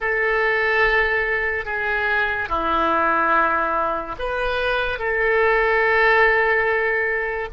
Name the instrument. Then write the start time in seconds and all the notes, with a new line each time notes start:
oboe
0.00 A4
1.65 G#4
2.48 E4
4.19 B4
4.98 A4